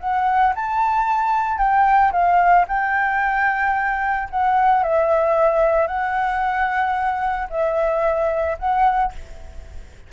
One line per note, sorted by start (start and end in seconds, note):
0.00 0.54 F#5
0.55 1.58 A5
1.58 2.11 G5
2.12 2.65 F5
2.68 4.28 G5
4.30 4.83 F#5
4.83 5.87 E5
5.87 7.48 F#5
7.50 8.57 E5
8.58 9.12 F#5